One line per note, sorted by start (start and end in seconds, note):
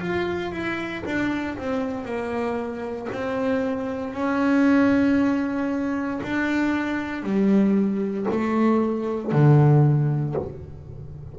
0.00 0.52 F4
0.52 1.03 E4
1.05 1.57 D4
1.58 2.05 C4
2.05 3.08 A#3
3.12 4.13 C4
4.13 6.20 C#4
6.23 7.23 D4
7.23 8.26 G3
8.31 9.32 A3
9.32 10.35 D3